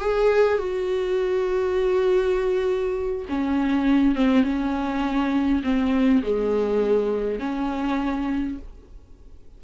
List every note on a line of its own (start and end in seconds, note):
0.00 0.58 G#4
0.58 3.25 F#4
3.29 4.15 C#4
4.15 4.43 C4
4.43 5.62 C#4
5.63 6.23 C4
6.23 7.39 G#3
7.39 8.58 C#4